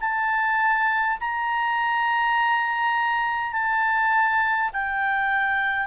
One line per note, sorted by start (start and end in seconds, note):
0.00 1.18 A5
1.20 3.52 A#5
3.52 4.70 A5
4.73 5.87 G5